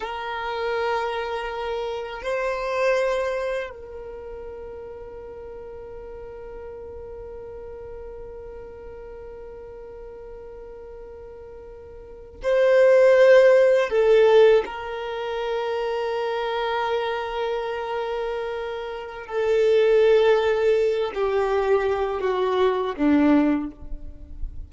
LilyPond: \new Staff \with { instrumentName = "violin" } { \time 4/4 \tempo 4 = 81 ais'2. c''4~ | c''4 ais'2.~ | ais'1~ | ais'1~ |
ais'8. c''2 a'4 ais'16~ | ais'1~ | ais'2 a'2~ | a'8 g'4. fis'4 d'4 | }